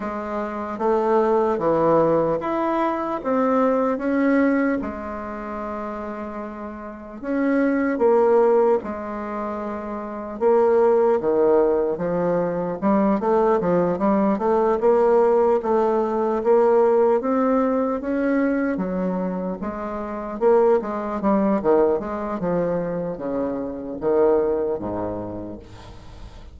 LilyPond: \new Staff \with { instrumentName = "bassoon" } { \time 4/4 \tempo 4 = 75 gis4 a4 e4 e'4 | c'4 cis'4 gis2~ | gis4 cis'4 ais4 gis4~ | gis4 ais4 dis4 f4 |
g8 a8 f8 g8 a8 ais4 a8~ | a8 ais4 c'4 cis'4 fis8~ | fis8 gis4 ais8 gis8 g8 dis8 gis8 | f4 cis4 dis4 gis,4 | }